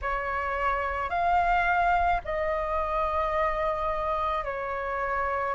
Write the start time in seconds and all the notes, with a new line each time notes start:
0.01 C#5
1.09 F5
2.24 D#5
4.44 C#5